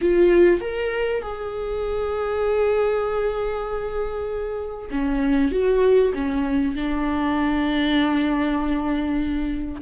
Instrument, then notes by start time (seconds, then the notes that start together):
viola
0.01 F4
0.60 A#4
1.22 G#4
4.90 C#4
5.51 F#4
6.14 C#4
6.75 D4